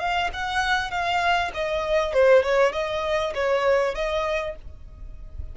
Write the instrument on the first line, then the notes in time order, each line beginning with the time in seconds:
violin
0.00 F5
0.34 F#5
0.91 F5
1.55 D#5
2.14 C5
2.43 C#5
2.73 D#5
3.35 C#5
3.95 D#5